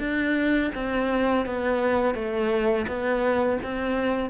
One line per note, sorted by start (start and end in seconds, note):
0.00 0.71 D4
0.75 1.46 C4
1.46 2.15 B3
2.15 2.87 A3
2.88 3.59 B3
3.64 4.30 C4